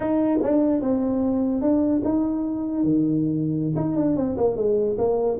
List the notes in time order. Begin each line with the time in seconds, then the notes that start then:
0.00 D#4
0.42 D4
0.81 C4
1.61 D4
2.04 D#4
2.83 D#3
3.76 D#4
3.96 D4
4.16 C4
4.37 A#3
4.56 G#3
4.98 A#3